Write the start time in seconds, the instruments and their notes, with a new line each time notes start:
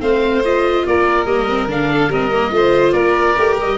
0.00 tuba A3, viola C4, violin C5, oboe F5
0.45 viola F4, oboe D#5
0.87 tuba A#3, violin A#4, oboe D5
1.25 tuba G3, viola A#3, oboe D#5
1.49 viola C4
1.67 tuba D3, viola D4, oboe F5
1.92 violin A4
2.09 tuba G3, viola C4, violin A#4, oboe D#5
2.32 viola A#3
2.51 tuba A3, viola F4, violin C5
2.92 tuba A#3, violin A#4, oboe D5
3.37 tuba A3, viola G4
3.57 tuba G3, oboe D#5